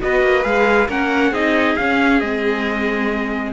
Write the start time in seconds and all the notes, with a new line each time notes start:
0.00 B3 F#4 B4 D#5
0.22 A#3
0.43 G#3 G#4 F5
0.87 A#3 C#4 A#4 F#5
1.31 C4 D#4 G#4 D#5
1.77 C#4 F5
2.20 G#3 C4 D#5